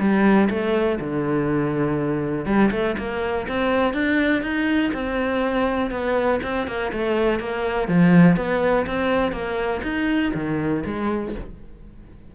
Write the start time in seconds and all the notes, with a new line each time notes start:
0.00 G3
0.50 A3
1.01 D3
2.46 G3
2.72 A3
2.99 A#3
3.49 C4
3.94 D4
4.43 D#4
4.94 C4
5.91 B3
6.43 C4
6.68 A#3
6.93 A3
7.40 A#3
7.89 F3
8.37 B3
8.87 C4
9.33 A#3
9.84 D#4
10.35 D#3
10.86 G#3